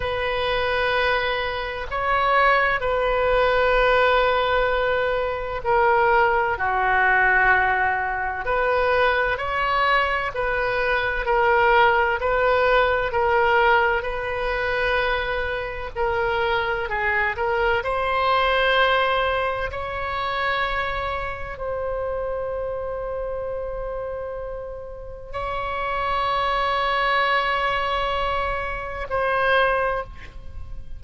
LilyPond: \new Staff \with { instrumentName = "oboe" } { \time 4/4 \tempo 4 = 64 b'2 cis''4 b'4~ | b'2 ais'4 fis'4~ | fis'4 b'4 cis''4 b'4 | ais'4 b'4 ais'4 b'4~ |
b'4 ais'4 gis'8 ais'8 c''4~ | c''4 cis''2 c''4~ | c''2. cis''4~ | cis''2. c''4 | }